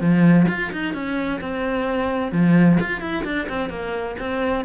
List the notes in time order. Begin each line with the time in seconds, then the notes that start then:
0.00 F3
0.48 F4
0.72 D#4
0.94 C#4
1.40 C4
2.32 F3
2.80 F4
3.01 E4
3.24 D4
3.48 C4
3.69 A#3
4.19 C4